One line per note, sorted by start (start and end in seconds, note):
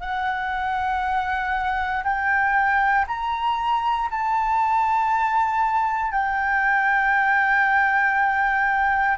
0.00 2.03 F#5
2.04 3.06 G5
3.07 4.09 A#5
4.11 6.12 A5
6.12 9.17 G5